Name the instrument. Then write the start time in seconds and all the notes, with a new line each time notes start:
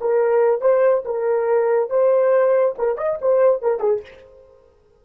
horn
0.00 A#4
0.61 C5
1.04 A#4
1.89 C5
2.78 A#4
2.97 D#5
3.21 C5
3.62 A#4
3.79 G#4